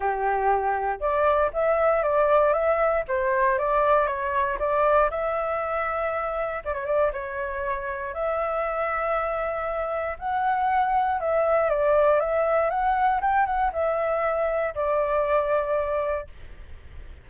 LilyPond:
\new Staff \with { instrumentName = "flute" } { \time 4/4 \tempo 4 = 118 g'2 d''4 e''4 | d''4 e''4 c''4 d''4 | cis''4 d''4 e''2~ | e''4 d''16 cis''16 d''8 cis''2 |
e''1 | fis''2 e''4 d''4 | e''4 fis''4 g''8 fis''8 e''4~ | e''4 d''2. | }